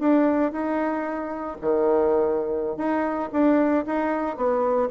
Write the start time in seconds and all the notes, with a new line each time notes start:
0.00 D4
0.52 D#4
1.61 D#3
2.77 D#4
3.32 D4
3.86 D#4
4.37 B3